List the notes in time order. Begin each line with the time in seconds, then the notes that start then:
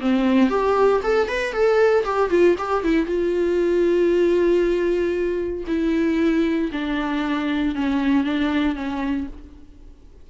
0.00 C4
0.49 G4
1.03 A4
1.28 B4
1.52 A4
2.04 G4
2.30 F4
2.58 G4
2.84 E4
3.06 F4
5.67 E4
6.72 D4
7.75 C#4
8.24 D4
8.75 C#4